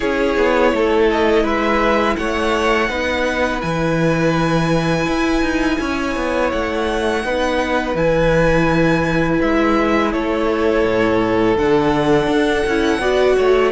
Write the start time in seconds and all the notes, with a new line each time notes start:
0.00 C#4 E4 G#4 C#5
0.37 B3
0.72 A3 A4
1.10 D#5
1.43 G#3 B4 E5
2.16 A3 C#5 F#5
2.89 B3 D#4 B4
3.61 E3 E4 G#5
5.07 E4
5.41 D#4
5.80 C#4 C#5
6.16 B3
6.51 A3 F#5
7.24 B3 D#4 B4
7.94 E3 E4 G#5
9.41 G#3 E5
10.12 A3 A4 C#5
10.84 A2
11.57 D3 D4 F#5
12.27 D4
12.66 C#4 E4
12.98 B3 F#4 D5
13.36 A3 C#5